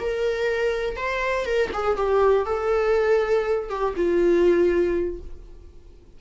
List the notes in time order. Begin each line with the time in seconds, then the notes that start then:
0.00 A#4
0.96 C5
1.45 A#4
1.73 G#4
1.97 G4
2.46 A4
3.70 G4
3.96 F4